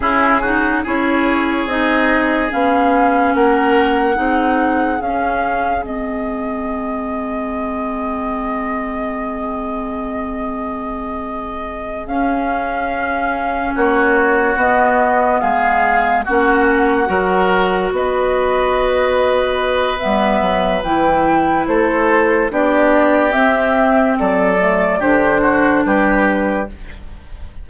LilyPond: <<
  \new Staff \with { instrumentName = "flute" } { \time 4/4 \tempo 4 = 72 gis'4 cis''4 dis''4 f''4 | fis''2 f''4 dis''4~ | dis''1~ | dis''2~ dis''8 f''4.~ |
f''8 cis''4 dis''4 f''4 fis''8~ | fis''4. dis''2~ dis''8 | e''4 g''4 c''4 d''4 | e''4 d''4 c''4 b'4 | }
  \new Staff \with { instrumentName = "oboe" } { \time 4/4 e'8 fis'8 gis'2. | ais'4 gis'2.~ | gis'1~ | gis'1~ |
gis'8 fis'2 gis'4 fis'8~ | fis'8 ais'4 b'2~ b'8~ | b'2 a'4 g'4~ | g'4 a'4 g'8 fis'8 g'4 | }
  \new Staff \with { instrumentName = "clarinet" } { \time 4/4 cis'8 dis'8 e'4 dis'4 cis'4~ | cis'4 dis'4 cis'4 c'4~ | c'1~ | c'2~ c'8 cis'4.~ |
cis'4. b2 cis'8~ | cis'8 fis'2.~ fis'8 | b4 e'2 d'4 | c'4. a8 d'2 | }
  \new Staff \with { instrumentName = "bassoon" } { \time 4/4 cis4 cis'4 c'4 b4 | ais4 c'4 cis'4 gis4~ | gis1~ | gis2~ gis8 cis'4.~ |
cis'8 ais4 b4 gis4 ais8~ | ais8 fis4 b2~ b8 | g8 fis8 e4 a4 b4 | c'4 fis4 d4 g4 | }
>>